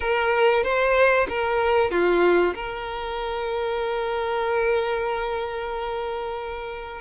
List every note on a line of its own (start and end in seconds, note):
0.00 0.63 A#4
0.63 1.27 C5
1.29 1.90 A#4
1.90 2.54 F4
2.54 7.01 A#4